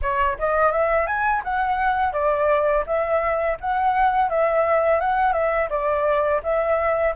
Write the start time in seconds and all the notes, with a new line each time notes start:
0.02 C#5
0.38 D#5
0.71 E5
1.06 G#5
1.44 F#5
2.12 D5
2.86 E5
3.60 F#5
4.29 E5
5.00 F#5
5.32 E5
5.69 D5
6.43 E5